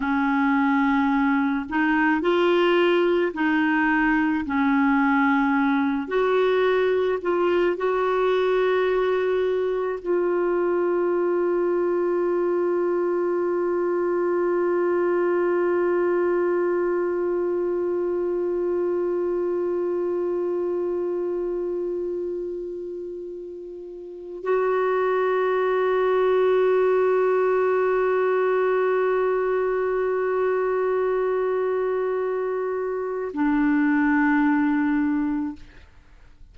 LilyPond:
\new Staff \with { instrumentName = "clarinet" } { \time 4/4 \tempo 4 = 54 cis'4. dis'8 f'4 dis'4 | cis'4. fis'4 f'8 fis'4~ | fis'4 f'2.~ | f'1~ |
f'1~ | f'2 fis'2~ | fis'1~ | fis'2 d'2 | }